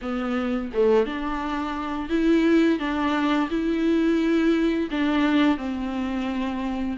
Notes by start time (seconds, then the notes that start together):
0.01 B3
0.73 A3
1.06 D4
2.09 E4
2.79 D4
3.49 E4
4.90 D4
5.57 C4